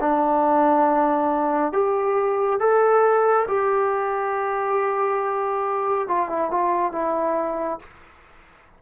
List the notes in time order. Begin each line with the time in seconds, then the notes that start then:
0.00 D4
1.72 G4
2.59 A4
3.47 G4
6.08 F4
6.29 E4
6.51 F4
6.92 E4